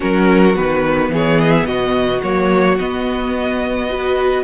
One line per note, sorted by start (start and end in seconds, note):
0.00 0.57 F#3
0.00 0.54 C#4
0.00 1.10 F#4
0.00 0.55 A#4
0.55 1.09 D#3
0.55 2.21 B3
0.55 1.11 B4
1.09 1.65 E3
1.09 1.68 G#4
1.15 1.39 C#5
1.39 1.51 D#5
1.51 1.65 E5
1.65 2.21 B2
1.65 3.90 F#4
1.65 2.21 D#5
2.22 2.78 F#3
2.22 2.78 A#3
2.22 2.78 C#5
2.78 3.90 B3
2.78 4.44 B3
2.78 4.44 D#5
3.90 4.44 F#4
3.90 4.44 B4